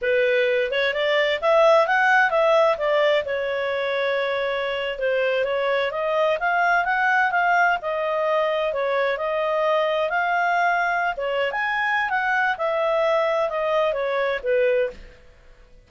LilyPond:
\new Staff \with { instrumentName = "clarinet" } { \time 4/4 \tempo 4 = 129 b'4. cis''8 d''4 e''4 | fis''4 e''4 d''4 cis''4~ | cis''2~ cis''8. c''4 cis''16~ | cis''8. dis''4 f''4 fis''4 f''16~ |
f''8. dis''2 cis''4 dis''16~ | dis''4.~ dis''16 f''2~ f''16 | cis''8. gis''4~ gis''16 fis''4 e''4~ | e''4 dis''4 cis''4 b'4 | }